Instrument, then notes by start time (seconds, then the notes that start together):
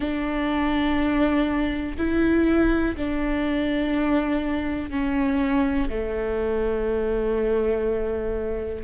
viola
0.00 D4
1.97 E4
2.96 D4
4.90 C#4
5.89 A3